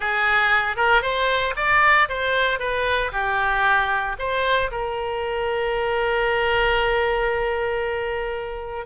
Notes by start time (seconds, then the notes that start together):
0.00 G#4
0.76 A#4
1.02 C5
1.56 D5
2.09 C5
2.59 B4
3.12 G4
4.18 C5
4.71 A#4